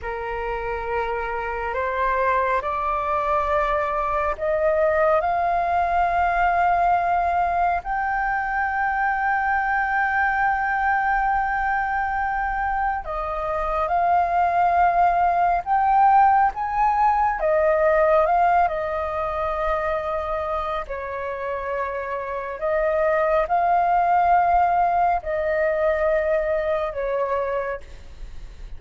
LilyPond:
\new Staff \with { instrumentName = "flute" } { \time 4/4 \tempo 4 = 69 ais'2 c''4 d''4~ | d''4 dis''4 f''2~ | f''4 g''2.~ | g''2. dis''4 |
f''2 g''4 gis''4 | dis''4 f''8 dis''2~ dis''8 | cis''2 dis''4 f''4~ | f''4 dis''2 cis''4 | }